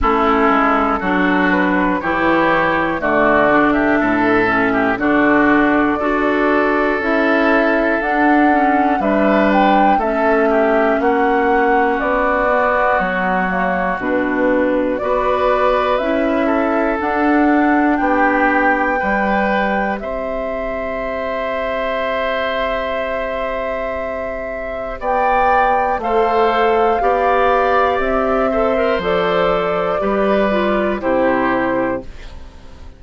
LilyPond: <<
  \new Staff \with { instrumentName = "flute" } { \time 4/4 \tempo 4 = 60 a'4. b'8 cis''4 d''8. e''16~ | e''4 d''2 e''4 | fis''4 e''8 g''8 e''4 fis''4 | d''4 cis''4 b'4 d''4 |
e''4 fis''4 g''2 | e''1~ | e''4 g''4 f''2 | e''4 d''2 c''4 | }
  \new Staff \with { instrumentName = "oboe" } { \time 4/4 e'4 fis'4 g'4 fis'8. g'16 | a'8. g'16 fis'4 a'2~ | a'4 b'4 a'8 g'8 fis'4~ | fis'2. b'4~ |
b'8 a'4. g'4 b'4 | c''1~ | c''4 d''4 c''4 d''4~ | d''8 c''4. b'4 g'4 | }
  \new Staff \with { instrumentName = "clarinet" } { \time 4/4 cis'4 d'4 e'4 a8 d'8~ | d'8 cis'8 d'4 fis'4 e'4 | d'8 cis'8 d'4 cis'2~ | cis'8 b4 ais8 d'4 fis'4 |
e'4 d'2 g'4~ | g'1~ | g'2 a'4 g'4~ | g'8 a'16 ais'16 a'4 g'8 f'8 e'4 | }
  \new Staff \with { instrumentName = "bassoon" } { \time 4/4 a8 gis8 fis4 e4 d4 | a,4 d4 d'4 cis'4 | d'4 g4 a4 ais4 | b4 fis4 b,4 b4 |
cis'4 d'4 b4 g4 | c'1~ | c'4 b4 a4 b4 | c'4 f4 g4 c4 | }
>>